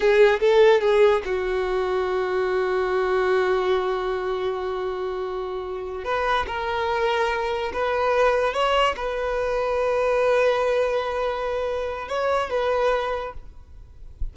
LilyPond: \new Staff \with { instrumentName = "violin" } { \time 4/4 \tempo 4 = 144 gis'4 a'4 gis'4 fis'4~ | fis'1~ | fis'1~ | fis'2~ fis'8 b'4 ais'8~ |
ais'2~ ais'8 b'4.~ | b'8 cis''4 b'2~ b'8~ | b'1~ | b'4 cis''4 b'2 | }